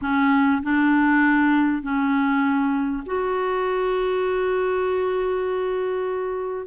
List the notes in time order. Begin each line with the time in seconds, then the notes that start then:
0.01 C#4
0.63 D4
1.82 C#4
3.06 F#4